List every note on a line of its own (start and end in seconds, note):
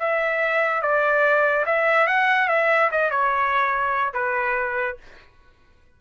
0.00 0.82 E5
0.82 1.66 D5
1.66 2.07 E5
2.07 2.49 F#5
2.49 2.91 E5
2.92 3.11 D#5
3.11 4.14 C#5
4.14 4.97 B4